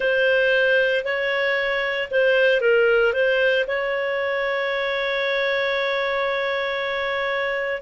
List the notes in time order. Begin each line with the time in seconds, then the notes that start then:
0.00 C5
1.04 C#5
2.10 C5
2.60 A#4
3.13 C5
3.67 C#5